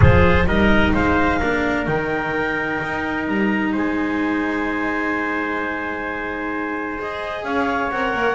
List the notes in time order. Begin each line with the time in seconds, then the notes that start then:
0.00 F3 F4 G#4 C5
0.46 G3 D#4 A#4 D#5
0.94 G#3 C5 F5
1.39 A#3 D4 A#4
1.86 D#3 D#4 G5
2.81 D#4
3.27 G3 A#5
3.72 G#3 C5 G#5
6.98 G#4 D#5
7.43 C#4 C#5 F5
7.90 C4 A#4 F#5
8.14 A#3